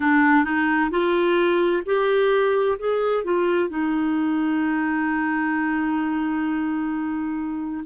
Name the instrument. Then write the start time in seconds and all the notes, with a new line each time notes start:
clarinet
0.00 D4
0.44 D#4
0.91 F4
1.85 G4
2.79 G#4
3.23 F4
3.69 D#4